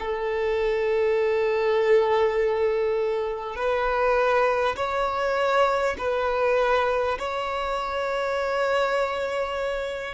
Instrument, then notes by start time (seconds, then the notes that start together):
violin
0.00 A4
3.56 B4
4.77 C#5
5.98 B4
7.19 C#5